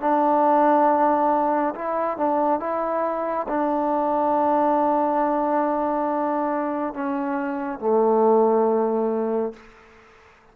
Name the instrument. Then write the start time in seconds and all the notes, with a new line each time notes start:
trombone
0.00 D4
1.75 E4
2.17 D4
2.60 E4
3.48 D4
6.93 C#4
7.79 A3